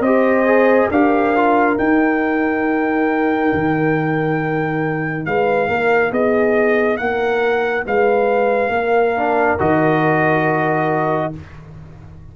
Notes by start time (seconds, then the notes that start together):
0.00 C4 G4 C5 D#5
0.46 G#4
0.90 D4 G4 A#4 F5
1.36 F4
1.78 D#4 G5
3.53 D#3
5.25 G#3 B4 F5
5.68 A#3 A#4
6.11 B3 G#4 D#5
6.97 A#3 A#4 F#5
7.86 G#3 B4 F5
8.69 A#3
8.75 A#4
9.16 D4
9.59 D#3 F#4 D#5